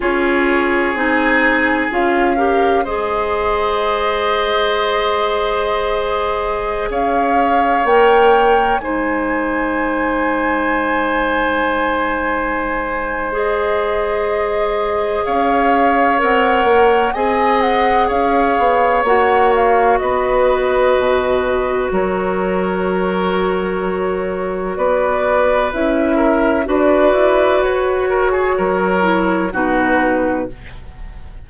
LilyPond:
<<
  \new Staff \with { instrumentName = "flute" } { \time 4/4 \tempo 4 = 63 cis''4 gis''4 f''4 dis''4~ | dis''2.~ dis''16 f''8.~ | f''16 g''4 gis''2~ gis''8.~ | gis''2 dis''2 |
f''4 fis''4 gis''8 fis''8 f''4 | fis''8 f''8 dis''2 cis''4~ | cis''2 d''4 e''4 | d''4 cis''2 b'4 | }
  \new Staff \with { instrumentName = "oboe" } { \time 4/4 gis'2~ gis'8 ais'8 c''4~ | c''2.~ c''16 cis''8.~ | cis''4~ cis''16 c''2~ c''8.~ | c''1 |
cis''2 dis''4 cis''4~ | cis''4 b'2 ais'4~ | ais'2 b'4. ais'8 | b'4. ais'16 gis'16 ais'4 fis'4 | }
  \new Staff \with { instrumentName = "clarinet" } { \time 4/4 f'4 dis'4 f'8 g'8 gis'4~ | gis'1~ | gis'16 ais'4 dis'2~ dis'8.~ | dis'2 gis'2~ |
gis'4 ais'4 gis'2 | fis'1~ | fis'2. e'4 | fis'2~ fis'8 e'8 dis'4 | }
  \new Staff \with { instrumentName = "bassoon" } { \time 4/4 cis'4 c'4 cis'4 gis4~ | gis2.~ gis16 cis'8.~ | cis'16 ais4 gis2~ gis8.~ | gis1 |
cis'4 c'8 ais8 c'4 cis'8 b8 | ais4 b4 b,4 fis4~ | fis2 b4 cis'4 | d'8 e'8 fis'4 fis4 b,4 | }
>>